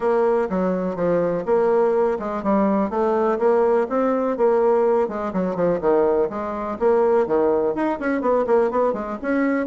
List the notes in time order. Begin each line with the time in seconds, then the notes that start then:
0.00 A#3
0.49 F#3
0.95 F3
1.45 A#3
2.19 G#3
2.43 G3
2.89 A3
3.38 A#3
3.89 C4
4.37 A#3
5.08 G#3
5.33 F#3
5.55 F3
5.80 D#3
6.29 G#3
6.79 A#3
7.26 D#3
7.74 D#4
7.99 C#4
8.21 B3
8.47 A#3
8.70 B3
8.93 G#3
9.22 C#4